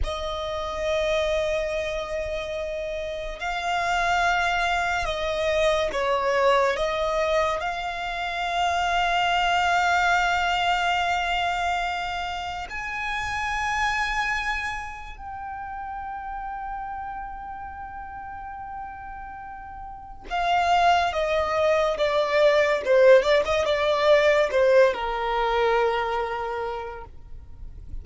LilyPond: \new Staff \with { instrumentName = "violin" } { \time 4/4 \tempo 4 = 71 dis''1 | f''2 dis''4 cis''4 | dis''4 f''2.~ | f''2. gis''4~ |
gis''2 g''2~ | g''1 | f''4 dis''4 d''4 c''8 d''16 dis''16 | d''4 c''8 ais'2~ ais'8 | }